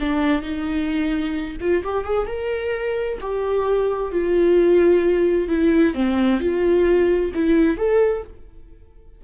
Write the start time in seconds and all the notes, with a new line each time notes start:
0.00 D4
0.42 D#4
1.60 F4
1.84 G4
2.05 G#4
2.27 A#4
3.21 G4
4.12 F4
5.49 E4
5.95 C4
6.40 F4
7.34 E4
7.78 A4